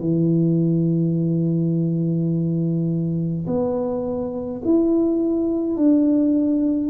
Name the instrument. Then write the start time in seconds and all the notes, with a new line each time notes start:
tuba
0.00 E3
3.47 B3
4.65 E4
5.76 D4